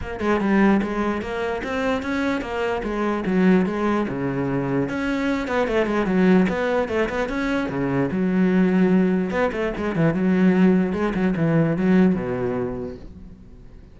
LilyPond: \new Staff \with { instrumentName = "cello" } { \time 4/4 \tempo 4 = 148 ais8 gis8 g4 gis4 ais4 | c'4 cis'4 ais4 gis4 | fis4 gis4 cis2 | cis'4. b8 a8 gis8 fis4 |
b4 a8 b8 cis'4 cis4 | fis2. b8 a8 | gis8 e8 fis2 gis8 fis8 | e4 fis4 b,2 | }